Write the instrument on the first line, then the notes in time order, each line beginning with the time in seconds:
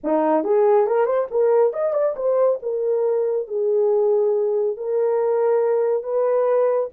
horn
0.03 D#4
0.44 G#4
0.86 A#4
1.05 C5
1.30 A#4
1.73 D#5
1.93 D5
2.16 C5
2.62 A#4
3.47 G#4
4.76 A#4
6.03 B4